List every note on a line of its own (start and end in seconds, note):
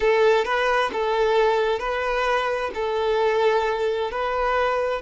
0.00 0.45 A4
0.45 0.90 B4
0.92 1.79 A4
1.79 2.70 B4
2.74 4.11 A4
4.11 5.01 B4